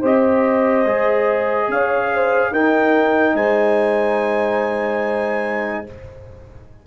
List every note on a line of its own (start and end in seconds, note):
0.00 0.85 C4
0.00 0.86 G4
0.00 1.67 C5
0.00 1.71 D#5
0.85 1.68 G#3
0.85 2.53 G#4
1.68 2.51 C#4
1.68 2.14 C#5
1.68 2.54 F5
2.14 2.52 C5
2.51 3.34 D#4
2.51 5.87 D#4
2.51 3.36 A#4
2.51 3.36 G5
3.35 5.85 G#3
3.35 5.86 C5
3.35 5.86 G#5